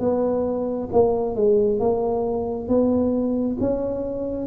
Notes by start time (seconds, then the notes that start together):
0.00 B3
0.93 A#3
1.36 G#3
1.80 A#3
2.69 B3
3.61 C#4